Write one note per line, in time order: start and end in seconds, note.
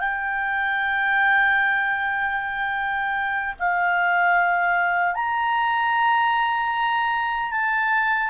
0.00 3.55 G5
3.60 5.15 F5
5.15 7.51 A#5
7.51 8.30 A5